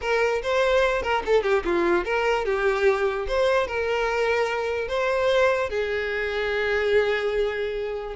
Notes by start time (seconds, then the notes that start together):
0.01 A#4
0.42 C5
1.02 A#4
1.25 A4
1.42 G4
1.64 F4
2.05 A#4
2.45 G4
3.27 C5
3.67 A#4
4.87 C5
5.69 G#4